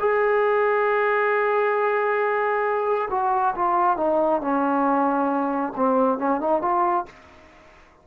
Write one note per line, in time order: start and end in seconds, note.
0.00 3.09 G#4
3.10 3.55 F#4
3.55 3.97 F4
3.97 4.41 D#4
4.41 5.74 C#4
5.76 6.18 C4
6.18 6.40 C#4
6.40 6.62 D#4
6.62 7.06 F4